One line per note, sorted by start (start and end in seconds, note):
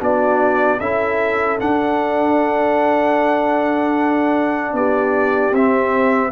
0.00 0.80 B3
0.00 0.79 D4
0.00 0.79 F#4
0.00 0.80 D5
0.80 1.60 C#4
0.80 1.59 E4
0.80 4.76 A4
0.80 1.59 E5
1.59 5.54 D4
1.59 4.74 D4
1.59 4.76 F#5
4.74 5.52 B3
4.74 6.32 G4
4.74 5.55 D5
5.52 6.31 C4
5.52 6.32 C4
5.52 6.32 E5